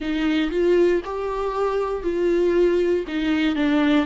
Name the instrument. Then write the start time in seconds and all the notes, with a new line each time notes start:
viola
0.00 D#4
0.50 F4
1.04 G4
2.03 F4
3.07 D#4
3.55 D4